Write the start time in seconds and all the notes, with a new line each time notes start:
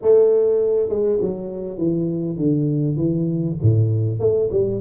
0.02 A3
0.89 G#3
1.20 F#3
1.78 E3
2.37 D3
2.96 E3
3.62 A2
4.19 A3
4.51 G3